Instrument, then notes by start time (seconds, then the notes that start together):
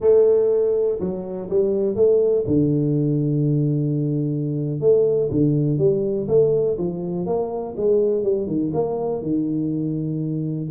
tuba
0.00 A3
1.00 F#3
1.49 G3
1.95 A3
2.46 D3
4.80 A3
5.31 D3
5.77 G3
6.27 A3
6.78 F3
7.26 A#3
7.77 G#3
8.23 G3
8.47 D#3
8.73 A#3
9.21 D#3